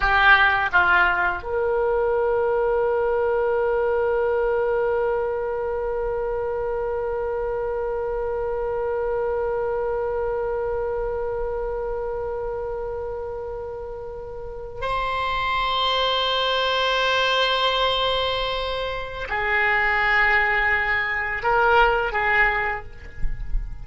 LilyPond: \new Staff \with { instrumentName = "oboe" } { \time 4/4 \tempo 4 = 84 g'4 f'4 ais'2~ | ais'1~ | ais'1~ | ais'1~ |
ais'1~ | ais'8. c''2.~ c''16~ | c''2. gis'4~ | gis'2 ais'4 gis'4 | }